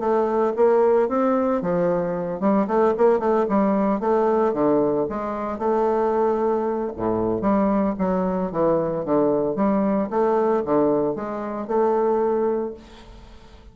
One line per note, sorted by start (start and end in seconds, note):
0.00 0.53 A3
0.56 1.09 A#3
1.09 1.62 C4
1.62 2.40 F3
2.40 2.67 G3
2.68 2.94 A3
2.98 3.20 A#3
3.20 3.46 A3
3.50 4.01 G3
4.01 4.54 A3
4.54 5.07 D3
5.10 5.59 G#3
5.59 6.92 A3
6.97 7.42 A2
7.42 7.95 G3
7.99 8.52 F#3
8.52 9.05 E3
9.06 9.56 D3
9.56 10.10 G3
10.11 10.64 A3
10.66 11.16 D3
11.16 11.68 G#3
11.68 12.74 A3